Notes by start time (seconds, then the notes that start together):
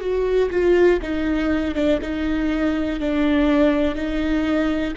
0.00 F#4
0.50 F4
1.02 D#4
1.75 D4
2.02 D#4
3.00 D4
3.95 D#4